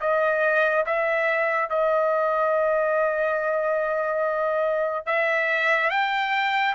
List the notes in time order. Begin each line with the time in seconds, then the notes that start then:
0.00 D#5
0.86 E5
1.69 D#5
5.06 E5
5.90 G5